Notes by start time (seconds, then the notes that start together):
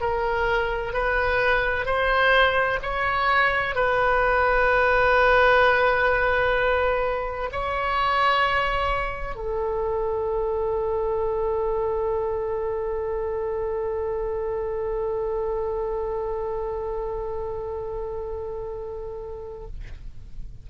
0.00 A#4
0.93 B4
1.85 C5
2.82 C#5
3.75 B4
7.52 C#5
9.35 A4